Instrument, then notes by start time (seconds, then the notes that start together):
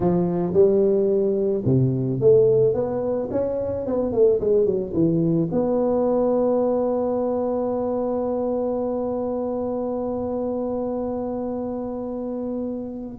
tuba
0.00 F3
0.53 G3
1.65 C3
2.20 A3
2.74 B3
3.31 C#4
3.86 B3
4.12 A3
4.40 G#3
4.65 F#3
4.93 E3
5.51 B3